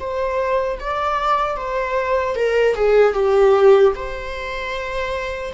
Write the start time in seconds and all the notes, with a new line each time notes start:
0.00 C5
0.80 D5
1.57 C5
2.36 A#4
2.75 G#4
3.14 G4
3.95 C5